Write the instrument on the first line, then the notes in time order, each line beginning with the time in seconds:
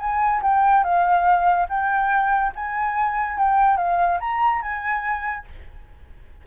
flute
0.00 G#5
0.42 G5
0.84 F5
1.69 G5
2.56 G#5
3.38 G5
3.77 F5
4.21 A#5
4.62 G#5